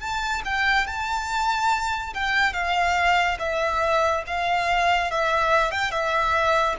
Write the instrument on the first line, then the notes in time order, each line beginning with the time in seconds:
violin
0.00 A5
0.45 G5
0.87 A5
2.14 G5
2.53 F5
3.39 E5
4.27 F5
5.11 E5
5.72 G5
5.91 E5